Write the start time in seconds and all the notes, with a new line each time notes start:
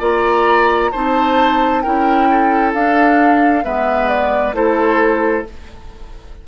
0.00 A#3 F4 D5 A#5
0.92 C4 D#4 C5 A5
1.82 C#4 E4 A#4 G5
2.31 A4
2.74 D4 F5
3.64 G#3 B3 B4 E5
4.09 D5
4.53 A3 E4 A4 C5